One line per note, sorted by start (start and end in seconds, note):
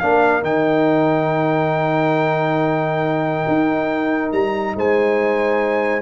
0.00 0.43 A#3
0.00 0.42 D4
0.00 4.76 A#4
0.00 0.43 F5
0.42 3.45 D#3
0.42 6.03 D#4
0.42 4.33 G5
3.48 4.33 D#4
4.33 4.76 G3
4.33 4.76 A#5
4.76 6.03 G#3
4.76 6.03 C5
4.76 6.03 G#5